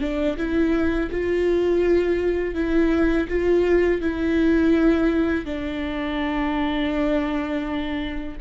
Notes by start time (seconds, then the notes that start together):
0.00 D4
0.37 E4
1.11 F4
2.54 E4
3.28 F4
4.01 E4
5.45 D4